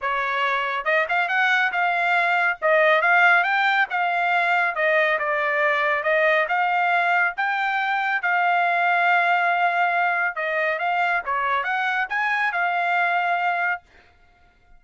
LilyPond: \new Staff \with { instrumentName = "trumpet" } { \time 4/4 \tempo 4 = 139 cis''2 dis''8 f''8 fis''4 | f''2 dis''4 f''4 | g''4 f''2 dis''4 | d''2 dis''4 f''4~ |
f''4 g''2 f''4~ | f''1 | dis''4 f''4 cis''4 fis''4 | gis''4 f''2. | }